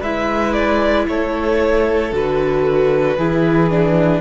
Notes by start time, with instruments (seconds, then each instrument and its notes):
0.00 cello G#3, viola E4, violin B4 E5
0.53 violin D5
1.08 cello A3, violin A4 C#5
2.11 cello D3, viola F#4, violin B4
3.17 cello E3, viola E4, violin G#4
3.70 viola D4